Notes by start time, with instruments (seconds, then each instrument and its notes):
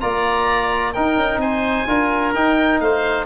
0.00 tuba A#3, trombone F4, oboe D5 A#5
0.93 trombone D#4, tuba D#4, oboe A#4 G5
1.16 tuba C#4
1.37 tuba C4, oboe C5 G#5
1.87 tuba D4, trombone F4, oboe A#4
2.34 tuba D#4, trombone D#4, oboe G5
2.80 tuba A3, oboe C5 F5